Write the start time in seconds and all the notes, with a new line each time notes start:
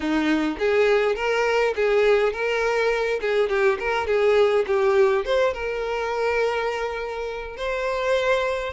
0.00 D#4
0.59 G#4
1.15 A#4
1.75 G#4
2.32 A#4
3.21 G#4
3.49 G4
3.79 A#4
4.06 G#4
4.66 G4
5.25 C5
5.53 A#4
7.56 C5